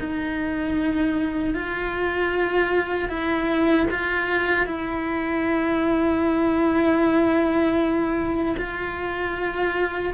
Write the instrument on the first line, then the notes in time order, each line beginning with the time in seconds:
cello
0.00 D#4
1.54 F4
3.09 E4
3.91 F4
4.66 E4
8.58 F4